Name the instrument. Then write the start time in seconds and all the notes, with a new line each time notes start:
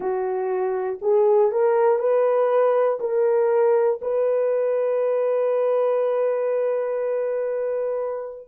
horn
0.00 F#4
1.01 G#4
1.51 A#4
1.99 B4
3.00 A#4
4.01 B4